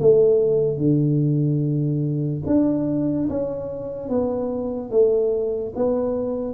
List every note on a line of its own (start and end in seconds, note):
0.00 0.78 A3
0.78 2.42 D3
2.47 3.29 D4
3.30 4.09 C#4
4.09 4.91 B3
4.91 5.73 A3
5.76 6.54 B3